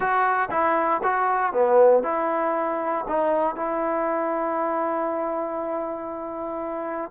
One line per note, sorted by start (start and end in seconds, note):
0.00 0.49 F#4
0.50 1.01 E4
1.03 1.53 F#4
1.53 2.03 B3
2.03 3.05 E4
3.08 3.55 D#4
3.55 7.11 E4